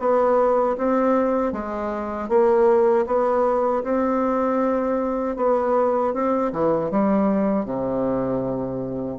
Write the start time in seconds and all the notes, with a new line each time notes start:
0.00 B3
0.78 C4
1.53 G#3
2.29 A#3
3.07 B3
3.84 C4
5.37 B3
6.14 C4
6.53 E3
6.91 G3
7.66 C3